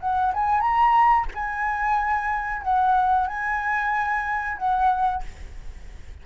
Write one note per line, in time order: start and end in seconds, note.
0.00 0.33 F#5
0.34 0.60 G#5
0.60 1.25 A#5
1.35 2.62 G#5
2.62 3.27 F#5
3.27 4.58 G#5
4.58 5.23 F#5